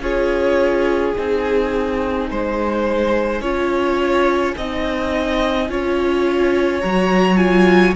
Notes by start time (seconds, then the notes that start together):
0.00 C#4 F4 G#4 C#5
1.16 C4 D#4 G#5
2.31 G#3 C5
3.41 C#4 F4 C#5
4.57 C4 D#4 D#5
5.69 C#4 F4 C#5
6.81 F#3 F#4 A#5
7.37 F4 G#5